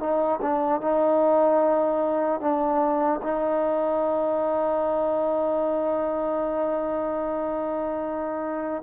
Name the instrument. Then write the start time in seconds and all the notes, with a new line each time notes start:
trombone
0.00 D#4
0.42 D4
0.81 D#4
2.41 D4
3.24 D#4